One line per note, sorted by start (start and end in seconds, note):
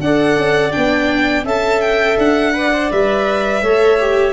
0.00 0.36 D4
0.00 0.71 A4
0.00 1.44 D5
0.00 0.72 F#5
0.36 0.72 C#4
0.71 1.44 B3
0.71 1.43 D4
0.71 1.44 G5
1.44 2.16 C#4
1.44 2.53 A4
1.44 2.53 E5
1.44 1.81 A5
1.81 2.17 G5
2.18 2.90 D4
2.18 2.91 F#5
2.53 2.71 B4
2.53 3.62 D5
2.73 2.90 C5
2.90 3.62 G3
2.90 3.62 B4
2.90 4.33 E5
3.62 4.33 A3
3.62 4.00 A4
3.62 4.33 C#5
4.00 4.33 G4